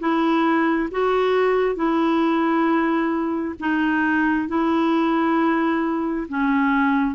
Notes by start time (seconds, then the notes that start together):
0.00 E4
0.92 F#4
1.76 E4
3.60 D#4
4.48 E4
6.29 C#4